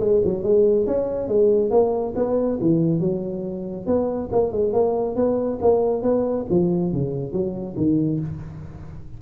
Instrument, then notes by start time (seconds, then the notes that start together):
tuba
0.00 G#3
0.25 F#3
0.43 G#3
0.87 C#4
1.28 G#3
1.70 A#3
2.16 B3
2.61 E3
3.00 F#3
3.86 B3
4.32 A#3
4.52 G#3
4.73 A#3
5.16 B3
5.62 A#3
6.03 B3
6.50 F3
6.93 C#3
7.32 F#3
7.77 D#3